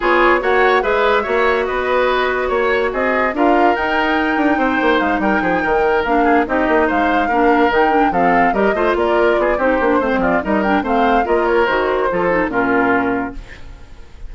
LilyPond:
<<
  \new Staff \with { instrumentName = "flute" } { \time 4/4 \tempo 4 = 144 cis''4 fis''4 e''2 | dis''2 cis''4 dis''4 | f''4 g''2. | f''8 g''2 f''4 dis''8~ |
dis''8 f''2 g''4 f''8~ | f''8 dis''4 d''4. c''4~ | c''8 d''8 dis''8 g''8 f''4 dis''8 cis''8 | c''2 ais'2 | }
  \new Staff \with { instrumentName = "oboe" } { \time 4/4 gis'4 cis''4 b'4 cis''4 | b'2 cis''4 gis'4 | ais'2. c''4~ | c''8 ais'8 gis'8 ais'4. gis'8 g'8~ |
g'8 c''4 ais'2 a'8~ | a'8 ais'8 c''8 ais'4 gis'8 g'4 | c''8 f'8 ais'4 c''4 ais'4~ | ais'4 a'4 f'2 | }
  \new Staff \with { instrumentName = "clarinet" } { \time 4/4 f'4 fis'4 gis'4 fis'4~ | fis'1 | f'4 dis'2.~ | dis'2~ dis'8 d'4 dis'8~ |
dis'4. d'4 dis'8 d'8 c'8~ | c'8 g'8 f'2 dis'8 d'8 | c'4 dis'8 d'8 c'4 f'4 | fis'4 f'8 dis'8 cis'2 | }
  \new Staff \with { instrumentName = "bassoon" } { \time 4/4 b4 ais4 gis4 ais4 | b2 ais4 c'4 | d'4 dis'4. d'8 c'8 ais8 | gis8 g8 f8 dis4 ais4 c'8 |
ais8 gis4 ais4 dis4 f8~ | f8 g8 a8 ais4 b8 c'8 ais8 | a16 gis16 f8 g4 a4 ais4 | dis4 f4 ais,2 | }
>>